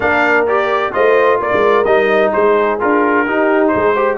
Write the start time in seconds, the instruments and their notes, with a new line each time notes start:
0.00 tuba A#3, trombone D4, horn A#4, trumpet F5
0.47 trombone G4, trumpet D5
0.92 tuba A3, trombone F4, horn C5, trumpet D#5
1.40 tuba A#3, horn A#4, trumpet D5
1.53 tuba G#3
1.84 tuba G3, trombone D#4, trumpet D#5
2.32 tuba G#3, horn G#4, trumpet C5
2.79 tuba D4, trombone F4, trumpet A#4
3.26 trombone D#4, tuba D#4, horn G4
3.67 horn G#4, trumpet C5
3.75 tuba G#3
3.93 trombone G4, horn C5